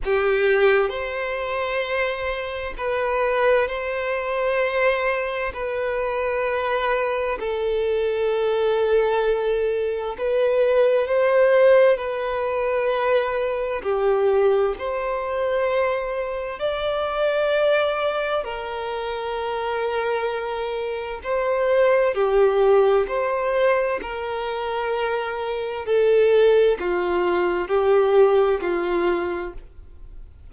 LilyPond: \new Staff \with { instrumentName = "violin" } { \time 4/4 \tempo 4 = 65 g'4 c''2 b'4 | c''2 b'2 | a'2. b'4 | c''4 b'2 g'4 |
c''2 d''2 | ais'2. c''4 | g'4 c''4 ais'2 | a'4 f'4 g'4 f'4 | }